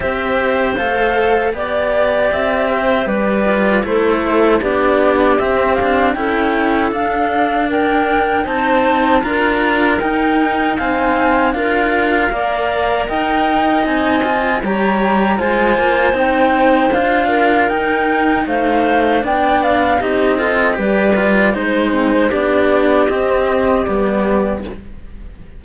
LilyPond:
<<
  \new Staff \with { instrumentName = "flute" } { \time 4/4 \tempo 4 = 78 e''4 f''4 d''4 e''4 | d''4 c''4 d''4 e''8 f''8 | g''4 f''4 g''4 a''4 | ais''4 g''4 gis''4 f''4~ |
f''4 g''4 gis''4 ais''4 | gis''4 g''4 f''4 g''4 | f''4 g''8 f''8 dis''4 d''4 | c''4 d''4 dis''4 d''4 | }
  \new Staff \with { instrumentName = "clarinet" } { \time 4/4 c''2 d''4. c''8 | b'4 a'4 g'2 | a'2 ais'4 c''4 | ais'2 f''4 ais'4 |
d''4 dis''2 cis''4 | c''2~ c''8 ais'4. | c''4 d''4 g'8 a'8 b'4 | c''8 c'16 c''16 g'2. | }
  \new Staff \with { instrumentName = "cello" } { \time 4/4 g'4 a'4 g'2~ | g'8 f'8 e'4 d'4 c'8 d'8 | e'4 d'2 dis'4 | f'4 dis'4 c'4 f'4 |
ais'2 dis'8 f'8 g'4 | f'4 dis'4 f'4 dis'4~ | dis'4 d'4 dis'8 f'8 g'8 f'8 | dis'4 d'4 c'4 b4 | }
  \new Staff \with { instrumentName = "cello" } { \time 4/4 c'4 a4 b4 c'4 | g4 a4 b4 c'4 | cis'4 d'2 c'4 | d'4 dis'2 d'4 |
ais4 dis'4 c'4 g4 | gis8 ais8 c'4 d'4 dis'4 | a4 b4 c'4 g4 | gis4 b4 c'4 g4 | }
>>